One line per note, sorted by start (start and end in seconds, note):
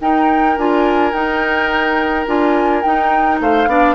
0.00 0.57 D#4
0.00 3.41 A#4
0.00 0.58 G5
0.57 1.12 D4
0.57 1.12 F4
0.57 1.13 G#5
1.12 2.25 D#4
1.12 2.26 G5
2.26 2.83 D4
2.26 2.83 F4
2.26 2.82 G#5
2.82 3.40 D#4
2.82 3.68 D#4
2.82 3.38 G5
3.40 3.66 A3
3.40 3.69 C5
3.40 3.95 F5
3.66 3.95 B3
3.66 3.95 D4
3.66 3.95 D5